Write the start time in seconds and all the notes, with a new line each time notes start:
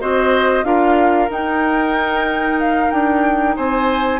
0.00 C4 F#4 C5 D#5
0.63 D4 F4 A#4 F5
1.30 D#4 G5
2.60 F5
2.91 D4 G5
3.56 C4 C5 G#5